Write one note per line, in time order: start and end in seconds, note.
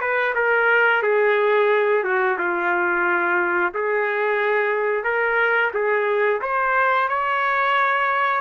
0.00 0.34 B4
0.35 1.02 A#4
1.02 2.03 G#4
2.03 2.37 F#4
2.37 3.73 F4
3.74 5.03 G#4
5.03 5.71 A#4
5.73 6.40 G#4
6.41 7.08 C5
7.08 8.41 C#5